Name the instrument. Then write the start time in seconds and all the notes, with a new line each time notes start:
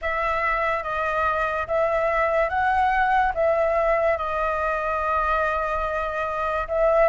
flute
0.02 E5
0.83 D#5
1.67 E5
2.48 F#5
3.34 E5
4.17 D#5
6.67 E5